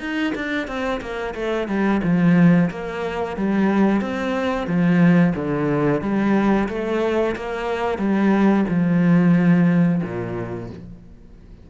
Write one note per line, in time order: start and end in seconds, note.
0.00 0.33 D#4
0.35 0.67 D4
0.67 1.01 C4
1.01 1.34 A#3
1.35 1.68 A3
1.68 2.01 G3
2.03 2.70 F3
2.71 3.37 A#3
3.37 4.01 G3
4.01 4.67 C4
4.67 5.34 F3
5.35 6.02 D3
6.02 6.68 G3
6.69 7.35 A3
7.36 7.98 A#3
7.98 8.65 G3
8.68 10.02 F3
10.03 10.70 A#2